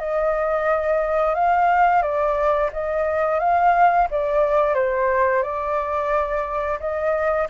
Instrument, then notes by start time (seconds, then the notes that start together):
flute
0.00 D#5
1.35 F5
2.03 D5
2.73 D#5
3.40 F5
4.11 D5
4.75 C5
5.43 D5
6.80 D#5